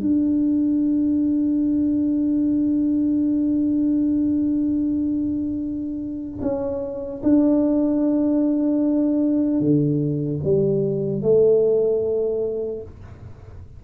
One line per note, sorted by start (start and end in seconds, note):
0.00 6.40 D4
6.41 7.21 C#4
7.23 9.60 D4
9.60 10.40 D3
10.43 11.22 G3
11.22 12.82 A3